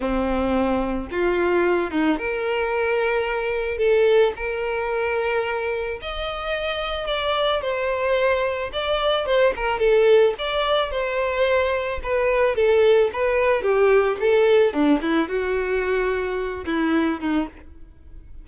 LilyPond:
\new Staff \with { instrumentName = "violin" } { \time 4/4 \tempo 4 = 110 c'2 f'4. dis'8 | ais'2. a'4 | ais'2. dis''4~ | dis''4 d''4 c''2 |
d''4 c''8 ais'8 a'4 d''4 | c''2 b'4 a'4 | b'4 g'4 a'4 d'8 e'8 | fis'2~ fis'8 e'4 dis'8 | }